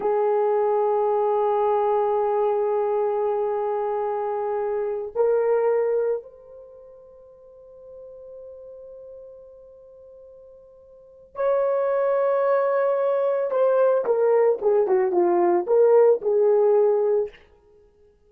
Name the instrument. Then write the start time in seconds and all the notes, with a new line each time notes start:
horn
0.00 G#4
5.15 A#4
6.22 C5
11.35 C#5
13.50 C5
14.05 A#4
14.61 G#4
14.87 F#4
15.12 F4
15.67 A#4
16.21 G#4